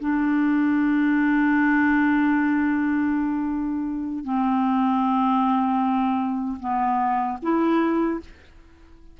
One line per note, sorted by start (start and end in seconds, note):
0.00 4.24 D4
4.24 6.58 C4
6.60 7.37 B3
7.42 8.20 E4